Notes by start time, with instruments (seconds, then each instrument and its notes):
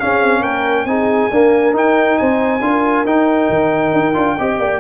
0.00 trombone C#4, tuba C#4, horn G#4, trumpet F5
0.22 tuba C4
0.40 tuba A#3, horn A#4, trumpet G5
0.85 tuba C4, trombone D#4, horn G#4, trumpet G#5
1.31 trombone A#3, tuba D4, horn A#4
1.73 trombone D#4, tuba D#4, trumpet G5
2.18 tuba C4, horn C5, trumpet G#5
2.61 tuba D4, trombone F4, horn A#4
3.05 tuba D#4, trombone D#4, trumpet G5
3.50 tuba D#3
3.93 tuba D#4
4.14 tuba D4, trombone F4
4.38 tuba C4, trombone G4, horn D#5
4.59 tuba A#3, horn D5